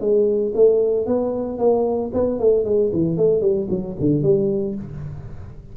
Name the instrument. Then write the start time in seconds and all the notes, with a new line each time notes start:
tuba
0.00 G#3
0.55 A3
1.06 B3
1.58 A#3
2.13 B3
2.39 A3
2.64 G#3
2.93 E3
3.17 A3
3.41 G3
3.70 F#3
4.00 D3
4.22 G3